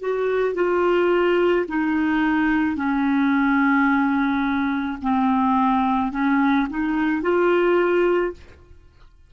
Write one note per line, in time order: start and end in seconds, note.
0.00 0.55 F#4
0.55 1.66 F4
1.69 2.76 D#4
2.76 4.98 C#4
5.02 6.12 C4
6.12 6.68 C#4
6.70 7.22 D#4
7.22 8.33 F4